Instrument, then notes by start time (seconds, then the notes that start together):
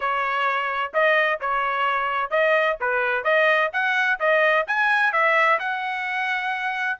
trumpet
0.00 C#5
0.93 D#5
1.40 C#5
2.30 D#5
2.80 B4
3.24 D#5
3.73 F#5
4.19 D#5
4.67 G#5
5.12 E5
5.59 F#5